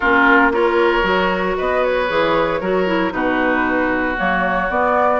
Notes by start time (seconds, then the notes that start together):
0.00 A#3 C#4 F4 A#4
0.52 F4 A#4 C#5
1.02 F#3 F#4
1.57 B3 B4 D#5
1.83 C#5
2.08 E3 G#4
2.60 F#3 F#4 A#4
2.86 E4
3.11 B2 D#4 F#4 B4
4.16 F#3 A#3 C#5
4.69 B3 D5